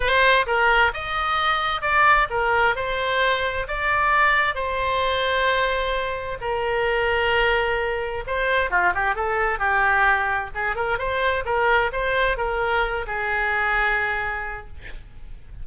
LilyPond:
\new Staff \with { instrumentName = "oboe" } { \time 4/4 \tempo 4 = 131 c''4 ais'4 dis''2 | d''4 ais'4 c''2 | d''2 c''2~ | c''2 ais'2~ |
ais'2 c''4 f'8 g'8 | a'4 g'2 gis'8 ais'8 | c''4 ais'4 c''4 ais'4~ | ais'8 gis'2.~ gis'8 | }